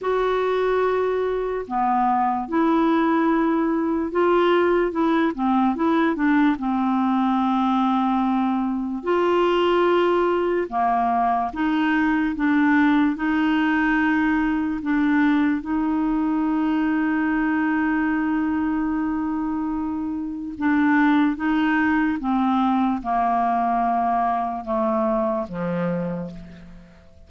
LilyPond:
\new Staff \with { instrumentName = "clarinet" } { \time 4/4 \tempo 4 = 73 fis'2 b4 e'4~ | e'4 f'4 e'8 c'8 e'8 d'8 | c'2. f'4~ | f'4 ais4 dis'4 d'4 |
dis'2 d'4 dis'4~ | dis'1~ | dis'4 d'4 dis'4 c'4 | ais2 a4 f4 | }